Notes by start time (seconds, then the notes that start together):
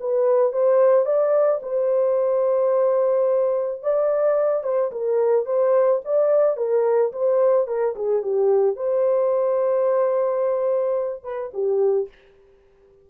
0.00 B4
0.52 C5
1.05 D5
1.62 C5
3.82 D5
4.64 C5
4.91 A#4
5.45 C5
6.05 D5
6.57 A#4
7.12 C5
7.67 A#4
7.95 G#4
8.22 G4
8.76 C5
11.24 B4
11.53 G4